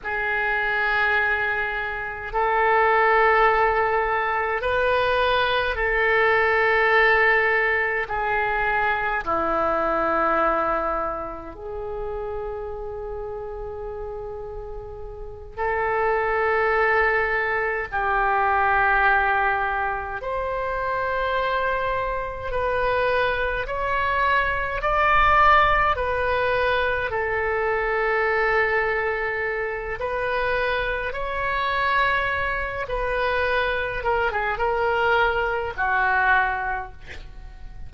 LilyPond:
\new Staff \with { instrumentName = "oboe" } { \time 4/4 \tempo 4 = 52 gis'2 a'2 | b'4 a'2 gis'4 | e'2 gis'2~ | gis'4. a'2 g'8~ |
g'4. c''2 b'8~ | b'8 cis''4 d''4 b'4 a'8~ | a'2 b'4 cis''4~ | cis''8 b'4 ais'16 gis'16 ais'4 fis'4 | }